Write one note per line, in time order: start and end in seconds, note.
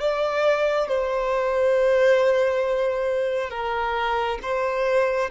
0.00 0.88 D5
0.88 3.50 C5
3.50 4.38 A#4
4.42 5.30 C5